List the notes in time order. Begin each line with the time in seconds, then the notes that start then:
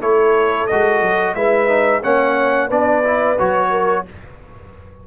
0.00 A3 E4 A4 C#5
0.67 G#3 F#4 D#5
1.02 F#3
1.35 G#3 E4 B4 E5
1.68 D#4
2.03 A#3 C#4 C#5 F#5
2.69 B3 D4 B4 D5
3.04 E4
3.39 F#3 F#4 C#5
3.71 A#4